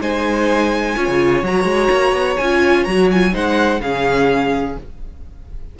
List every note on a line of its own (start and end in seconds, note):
0.00 0.95 G#3
0.00 0.96 D#4
0.00 0.96 C5
0.00 1.45 G#5
0.96 1.07 C#4
0.96 1.44 F4
0.96 3.33 C#5
1.07 1.42 C#3
1.42 1.64 F#3
1.42 2.39 F#4
1.42 2.37 A#5
1.64 1.88 G#3
1.90 2.12 A#3
2.12 2.36 B3
2.37 2.86 C#4
2.37 2.87 F4
2.37 2.84 G#5
2.84 3.34 F#3
2.84 3.11 F#4
2.84 3.08 A#5
3.11 3.31 F4
3.11 3.34 G#5
3.31 3.80 G#3
3.31 3.79 D#4
3.31 3.80 C5
3.31 3.81 F#5
3.80 4.75 C#3
3.80 4.79 C#4
3.80 4.78 G#4
3.80 4.76 F5